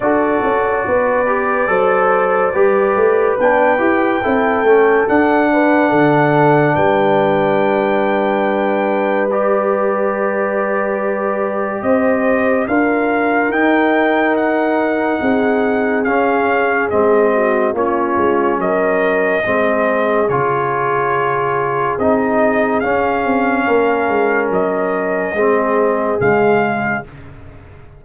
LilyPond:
<<
  \new Staff \with { instrumentName = "trumpet" } { \time 4/4 \tempo 4 = 71 d''1 | g''2 fis''2 | g''2. d''4~ | d''2 dis''4 f''4 |
g''4 fis''2 f''4 | dis''4 cis''4 dis''2 | cis''2 dis''4 f''4~ | f''4 dis''2 f''4 | }
  \new Staff \with { instrumentName = "horn" } { \time 4/4 a'4 b'4 c''4 b'4~ | b'4 a'4. b'8 a'4 | b'1~ | b'2 c''4 ais'4~ |
ais'2 gis'2~ | gis'8 fis'8 f'4 ais'4 gis'4~ | gis'1 | ais'2 gis'2 | }
  \new Staff \with { instrumentName = "trombone" } { \time 4/4 fis'4. g'8 a'4 g'4 | d'8 g'8 e'8 cis'8 d'2~ | d'2. g'4~ | g'2. f'4 |
dis'2. cis'4 | c'4 cis'2 c'4 | f'2 dis'4 cis'4~ | cis'2 c'4 gis4 | }
  \new Staff \with { instrumentName = "tuba" } { \time 4/4 d'8 cis'8 b4 fis4 g8 a8 | b8 e'8 c'8 a8 d'4 d4 | g1~ | g2 c'4 d'4 |
dis'2 c'4 cis'4 | gis4 ais8 gis8 fis4 gis4 | cis2 c'4 cis'8 c'8 | ais8 gis8 fis4 gis4 cis4 | }
>>